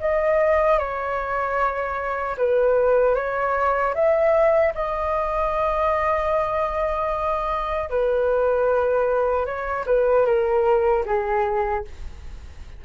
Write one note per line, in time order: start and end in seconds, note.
0.00 0.78 D#5
0.78 2.36 C#5
2.37 3.15 B4
3.15 3.94 C#5
3.94 4.73 E5
4.74 7.90 D#5
7.90 9.46 B4
9.46 9.85 C#5
9.86 10.26 B4
10.26 11.05 A#4
11.06 11.85 G#4